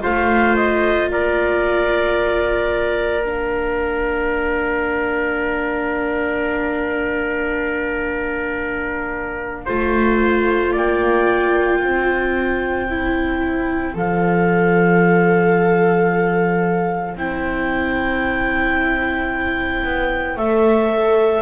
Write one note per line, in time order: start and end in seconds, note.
0.00 1.08 A3
0.00 3.21 F4
0.00 1.09 C5
0.00 0.56 F5
0.56 1.09 D#5
1.08 9.66 A#3
1.08 9.65 A#4
1.08 3.25 D5
3.25 9.67 D4
3.25 10.75 F5
9.65 10.76 A3
9.65 12.88 F4
9.65 10.72 C5
10.72 11.83 A#3
10.72 11.79 D5
10.72 13.96 G5
11.79 13.94 C4
11.79 21.42 C5
12.89 13.94 E4
13.94 17.15 F3
13.94 17.15 A4
13.94 17.18 F5
17.15 19.83 C4
17.15 20.38 E4
17.15 20.37 G5
19.84 20.36 B3
20.36 21.42 A3
20.36 21.42 A4
20.36 21.42 E5